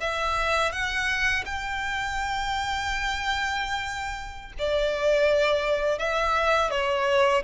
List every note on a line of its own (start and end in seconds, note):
0.00 0.72 E5
0.72 1.44 F#5
1.46 4.53 G5
4.58 5.98 D5
5.98 6.71 E5
6.71 7.43 C#5